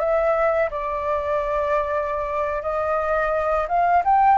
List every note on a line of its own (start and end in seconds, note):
0.00 0.70 E5
0.71 2.63 D5
2.63 3.67 D#5
3.68 4.03 F5
4.05 4.38 G5